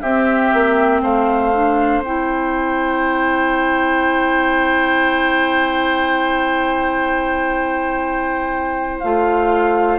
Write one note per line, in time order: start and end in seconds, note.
0.00 0.52 C4
0.00 1.53 C4
0.00 1.01 G4
0.00 1.00 E5
0.53 1.02 A#3
1.02 2.00 A3
1.02 9.99 C5
1.02 2.03 F5
1.53 2.03 D4
2.00 9.00 C4
2.00 9.04 E4
2.00 8.99 G5
8.99 9.99 A3
8.99 9.99 F4
8.99 9.99 F5